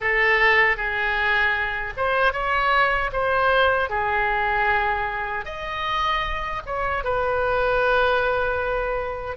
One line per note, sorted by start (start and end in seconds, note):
0.00 0.76 A4
0.76 1.93 G#4
1.97 2.32 C5
2.32 3.10 C#5
3.12 3.89 C5
3.89 5.45 G#4
5.45 6.62 D#5
6.66 7.04 C#5
7.04 9.36 B4